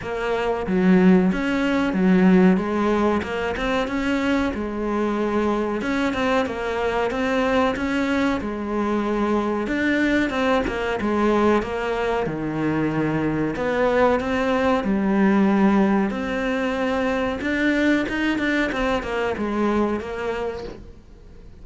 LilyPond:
\new Staff \with { instrumentName = "cello" } { \time 4/4 \tempo 4 = 93 ais4 fis4 cis'4 fis4 | gis4 ais8 c'8 cis'4 gis4~ | gis4 cis'8 c'8 ais4 c'4 | cis'4 gis2 d'4 |
c'8 ais8 gis4 ais4 dis4~ | dis4 b4 c'4 g4~ | g4 c'2 d'4 | dis'8 d'8 c'8 ais8 gis4 ais4 | }